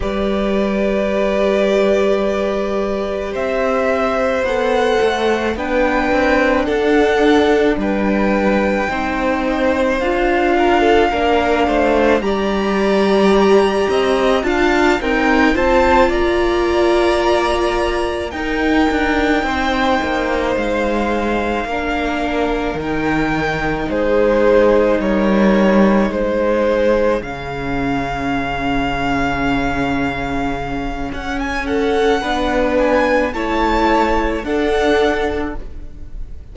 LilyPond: <<
  \new Staff \with { instrumentName = "violin" } { \time 4/4 \tempo 4 = 54 d''2. e''4 | fis''4 g''4 fis''4 g''4~ | g''4 f''2 ais''4~ | ais''4 a''8 g''8 a''8 ais''4.~ |
ais''8 g''2 f''4.~ | f''8 g''4 c''4 cis''4 c''8~ | c''8 f''2.~ f''8 | fis''16 gis''16 fis''4 gis''8 a''4 fis''4 | }
  \new Staff \with { instrumentName = "violin" } { \time 4/4 b'2. c''4~ | c''4 b'4 a'4 b'4 | c''4. ais'16 a'16 ais'8 c''8 d''4~ | d''8 dis''8 f''8 ais'8 c''8 d''4.~ |
d''8 ais'4 c''2 ais'8~ | ais'4. gis'4 ais'4 gis'8~ | gis'1~ | gis'8 a'8 b'4 cis''4 a'4 | }
  \new Staff \with { instrumentName = "viola" } { \time 4/4 g'1 | a'4 d'2. | dis'4 f'4 d'4 g'4~ | g'4 f'8 c'8 f'2~ |
f'8 dis'2. d'8~ | d'8 dis'2.~ dis'8~ | dis'8 cis'2.~ cis'8~ | cis'4 d'4 e'4 d'4 | }
  \new Staff \with { instrumentName = "cello" } { \time 4/4 g2. c'4 | b8 a8 b8 c'8 d'4 g4 | c'4 d'4 ais8 a8 g4~ | g8 c'8 d'8 dis'8 c'8 ais4.~ |
ais8 dis'8 d'8 c'8 ais8 gis4 ais8~ | ais8 dis4 gis4 g4 gis8~ | gis8 cis2.~ cis8 | cis'4 b4 a4 d'4 | }
>>